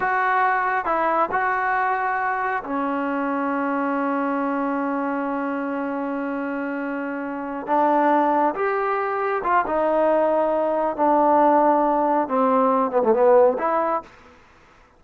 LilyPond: \new Staff \with { instrumentName = "trombone" } { \time 4/4 \tempo 4 = 137 fis'2 e'4 fis'4~ | fis'2 cis'2~ | cis'1~ | cis'1~ |
cis'4. d'2 g'8~ | g'4. f'8 dis'2~ | dis'4 d'2. | c'4. b16 a16 b4 e'4 | }